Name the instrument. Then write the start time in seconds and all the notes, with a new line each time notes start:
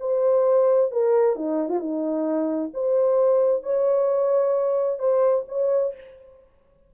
horn
0.00 C5
0.92 A#4
1.36 D#4
1.69 F4
1.80 D#4
2.74 C5
3.63 C#5
4.99 C5
5.49 C#5